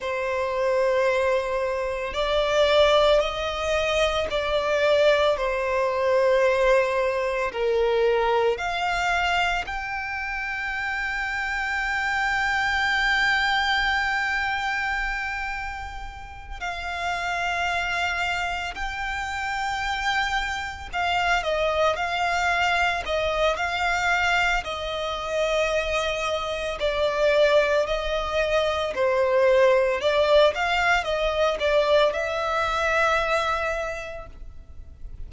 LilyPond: \new Staff \with { instrumentName = "violin" } { \time 4/4 \tempo 4 = 56 c''2 d''4 dis''4 | d''4 c''2 ais'4 | f''4 g''2.~ | g''2.~ g''8 f''8~ |
f''4. g''2 f''8 | dis''8 f''4 dis''8 f''4 dis''4~ | dis''4 d''4 dis''4 c''4 | d''8 f''8 dis''8 d''8 e''2 | }